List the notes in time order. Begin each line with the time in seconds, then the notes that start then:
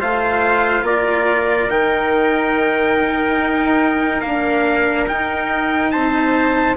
0.00 A3 F4 C5 F5
0.82 A#3 A#4 D5
1.70 D#3 D#4 G5
3.39 D#4
4.21 A#3 D4 F5
5.07 D#4 G5
5.91 C4 C5 A5